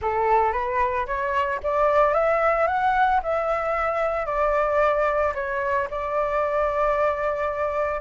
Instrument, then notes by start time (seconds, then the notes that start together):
flute
0.01 A4
0.52 B4
1.06 C#5
1.63 D5
2.13 E5
2.67 F#5
3.22 E5
4.26 D5
5.34 C#5
5.90 D5